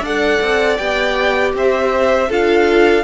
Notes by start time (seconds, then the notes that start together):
0.00 D4 A4 D5 F#5
0.41 C4
0.77 B3 G4 G5
1.53 C4 C5 E5
2.28 D4 F4 A4 F5